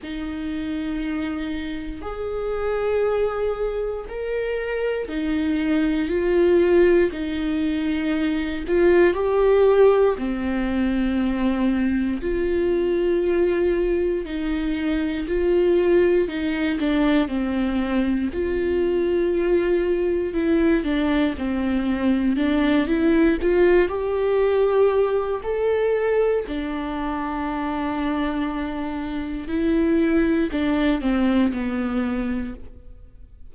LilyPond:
\new Staff \with { instrumentName = "viola" } { \time 4/4 \tempo 4 = 59 dis'2 gis'2 | ais'4 dis'4 f'4 dis'4~ | dis'8 f'8 g'4 c'2 | f'2 dis'4 f'4 |
dis'8 d'8 c'4 f'2 | e'8 d'8 c'4 d'8 e'8 f'8 g'8~ | g'4 a'4 d'2~ | d'4 e'4 d'8 c'8 b4 | }